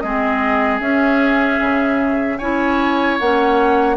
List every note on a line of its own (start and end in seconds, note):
0.00 0.80 G#3
0.00 0.81 C4
0.00 2.38 G#4
0.00 0.79 D#5
0.80 1.59 C#4
0.80 2.39 C#4
0.80 2.38 E5
1.61 2.39 C#3
2.38 3.19 C#4
2.38 3.20 E4
2.38 3.96 C#5
2.38 3.17 G#5
3.20 3.96 A#3
3.20 3.96 C#4
3.20 3.96 F#5